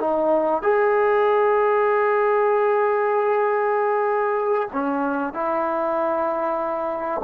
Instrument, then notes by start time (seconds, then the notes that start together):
trombone
0.00 D#4
0.62 G#4
4.72 C#4
5.34 E4